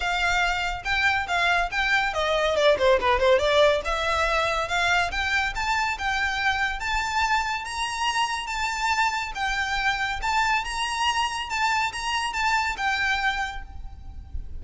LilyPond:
\new Staff \with { instrumentName = "violin" } { \time 4/4 \tempo 4 = 141 f''2 g''4 f''4 | g''4 dis''4 d''8 c''8 b'8 c''8 | d''4 e''2 f''4 | g''4 a''4 g''2 |
a''2 ais''2 | a''2 g''2 | a''4 ais''2 a''4 | ais''4 a''4 g''2 | }